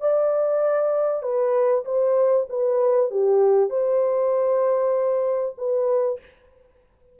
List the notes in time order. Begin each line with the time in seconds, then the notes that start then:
0.00 D5
1.22 B4
1.85 C5
2.49 B4
3.10 G4
3.69 C5
5.58 B4